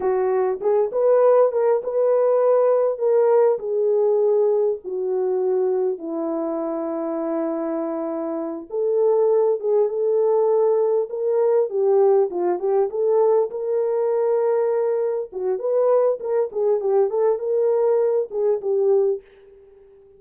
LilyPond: \new Staff \with { instrumentName = "horn" } { \time 4/4 \tempo 4 = 100 fis'4 gis'8 b'4 ais'8 b'4~ | b'4 ais'4 gis'2 | fis'2 e'2~ | e'2~ e'8 a'4. |
gis'8 a'2 ais'4 g'8~ | g'8 f'8 g'8 a'4 ais'4.~ | ais'4. fis'8 b'4 ais'8 gis'8 | g'8 a'8 ais'4. gis'8 g'4 | }